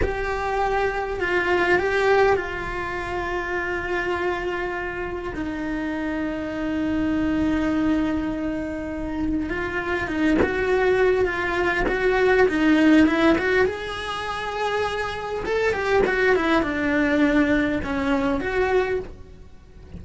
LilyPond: \new Staff \with { instrumentName = "cello" } { \time 4/4 \tempo 4 = 101 g'2 f'4 g'4 | f'1~ | f'4 dis'2.~ | dis'1 |
f'4 dis'8 fis'4. f'4 | fis'4 dis'4 e'8 fis'8 gis'4~ | gis'2 a'8 g'8 fis'8 e'8 | d'2 cis'4 fis'4 | }